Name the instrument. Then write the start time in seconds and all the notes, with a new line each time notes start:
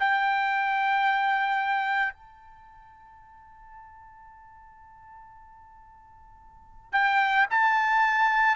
trumpet
0.00 G5
2.14 A5
6.93 G5
7.51 A5